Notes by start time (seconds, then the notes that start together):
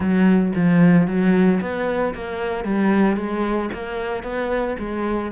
0.00 F#3
0.55 F3
1.07 F#3
1.61 B3
2.14 A#3
2.64 G3
3.16 G#3
3.73 A#3
4.23 B3
4.78 G#3